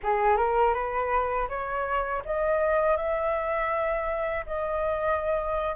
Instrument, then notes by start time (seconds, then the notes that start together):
flute
0.03 G#4
0.36 A#4
0.73 B4
1.48 C#5
2.25 D#5
2.96 E5
4.46 D#5